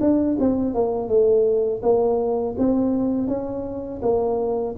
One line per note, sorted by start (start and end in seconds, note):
0.00 0.37 D4
0.39 0.74 C4
0.74 1.08 A#3
1.08 1.81 A3
1.82 2.55 A#3
2.57 3.27 C4
3.27 4.00 C#4
4.01 4.75 A#3